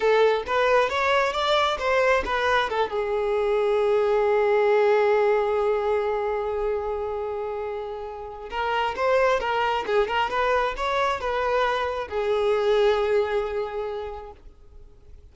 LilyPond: \new Staff \with { instrumentName = "violin" } { \time 4/4 \tempo 4 = 134 a'4 b'4 cis''4 d''4 | c''4 b'4 a'8 gis'4.~ | gis'1~ | gis'1~ |
gis'2. ais'4 | c''4 ais'4 gis'8 ais'8 b'4 | cis''4 b'2 gis'4~ | gis'1 | }